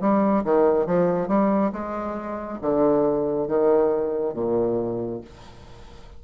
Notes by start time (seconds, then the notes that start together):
0.00 G3
0.44 D#3
0.86 F3
1.28 G3
1.72 G#3
2.61 D3
3.47 D#3
4.34 A#2